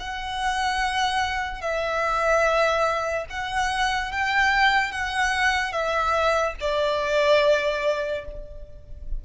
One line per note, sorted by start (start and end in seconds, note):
0.00 1.61 F#5
1.61 3.26 E5
3.30 4.12 F#5
4.12 4.92 G5
4.92 5.72 F#5
5.72 6.55 E5
6.61 8.25 D5